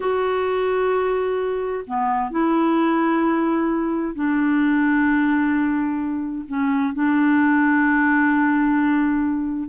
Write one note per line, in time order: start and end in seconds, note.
0.00 1.84 F#4
1.86 2.30 B3
2.30 4.14 E4
4.14 6.45 D4
6.47 6.94 C#4
6.94 9.68 D4